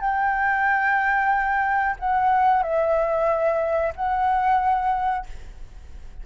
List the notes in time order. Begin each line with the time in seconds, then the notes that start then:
0.00 G5
1.99 F#5
2.62 E5
3.95 F#5